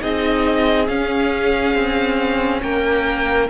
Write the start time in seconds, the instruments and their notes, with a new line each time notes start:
0.00 cello C4, viola D#4, violin G#4 D#5
0.88 cello C#4, viola C#4, violin F5
1.74 cello C4
2.62 cello A#3, violin A#4 G5